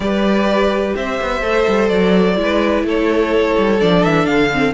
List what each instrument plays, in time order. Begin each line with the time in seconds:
0.00 cello G3, viola G4, violin B4 D5
0.95 cello C4, violin C5 E5
1.21 cello B3
1.41 cello A3, viola A4
1.68 cello G3
1.88 cello F#3, violin D5
2.36 cello G#3, viola E4, violin B4
2.83 cello A3, violin A4 C#5
3.57 cello G3
3.80 cello F3, viola D4, violin D5
4.03 cello E3, violin E5
4.25 cello D3, violin F5
4.53 viola C4